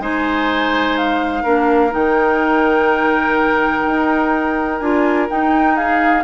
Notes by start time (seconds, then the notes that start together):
0.00 G#3 D#4 C5 G#5
0.98 F5
1.43 A#3 D4 A#4
1.91 D#3 D#4 G5
3.86 D#4
4.79 D4 F4 G#5
5.30 D#4 G5
5.76 G#4 F5